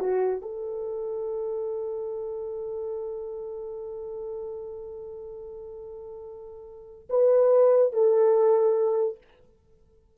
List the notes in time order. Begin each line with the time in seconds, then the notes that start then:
0.00 F#4
0.42 A4
7.10 B4
7.93 A4